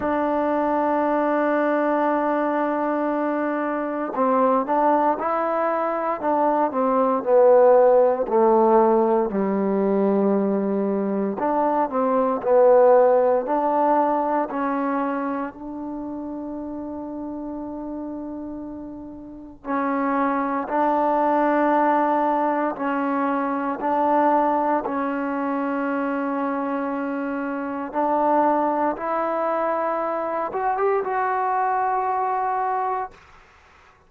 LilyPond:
\new Staff \with { instrumentName = "trombone" } { \time 4/4 \tempo 4 = 58 d'1 | c'8 d'8 e'4 d'8 c'8 b4 | a4 g2 d'8 c'8 | b4 d'4 cis'4 d'4~ |
d'2. cis'4 | d'2 cis'4 d'4 | cis'2. d'4 | e'4. fis'16 g'16 fis'2 | }